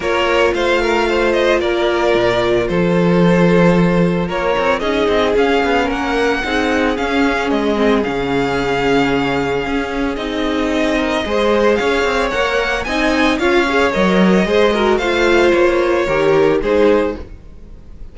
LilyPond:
<<
  \new Staff \with { instrumentName = "violin" } { \time 4/4 \tempo 4 = 112 cis''4 f''4. dis''8 d''4~ | d''4 c''2. | cis''4 dis''4 f''4 fis''4~ | fis''4 f''4 dis''4 f''4~ |
f''2. dis''4~ | dis''2 f''4 fis''4 | gis''4 f''4 dis''2 | f''4 cis''2 c''4 | }
  \new Staff \with { instrumentName = "violin" } { \time 4/4 ais'4 c''8 ais'8 c''4 ais'4~ | ais'4 a'2. | ais'4 gis'2 ais'4 | gis'1~ |
gis'1~ | gis'8 ais'8 c''4 cis''2 | dis''4 cis''2 c''8 ais'8 | c''2 ais'4 gis'4 | }
  \new Staff \with { instrumentName = "viola" } { \time 4/4 f'1~ | f'1~ | f'4 dis'4 cis'2 | dis'4 cis'4. c'8 cis'4~ |
cis'2. dis'4~ | dis'4 gis'2 ais'4 | dis'4 f'8 gis'8 ais'4 gis'8 fis'8 | f'2 g'4 dis'4 | }
  \new Staff \with { instrumentName = "cello" } { \time 4/4 ais4 a2 ais4 | ais,4 f2. | ais8 c'8 cis'8 c'8 cis'8 b8 ais4 | c'4 cis'4 gis4 cis4~ |
cis2 cis'4 c'4~ | c'4 gis4 cis'8 c'8 ais4 | c'4 cis'4 fis4 gis4 | a4 ais4 dis4 gis4 | }
>>